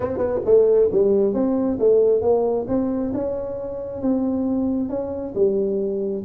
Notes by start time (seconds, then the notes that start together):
0.00 C4
0.17 B3
0.45 A3
0.92 G3
1.33 C4
1.79 A3
2.21 A#3
2.68 C4
3.14 C#4
4.01 C4
4.89 C#4
5.34 G3